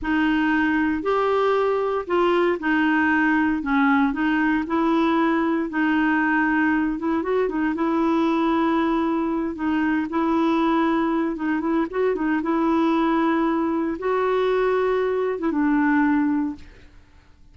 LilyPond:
\new Staff \with { instrumentName = "clarinet" } { \time 4/4 \tempo 4 = 116 dis'2 g'2 | f'4 dis'2 cis'4 | dis'4 e'2 dis'4~ | dis'4. e'8 fis'8 dis'8 e'4~ |
e'2~ e'8 dis'4 e'8~ | e'2 dis'8 e'8 fis'8 dis'8 | e'2. fis'4~ | fis'4.~ fis'16 e'16 d'2 | }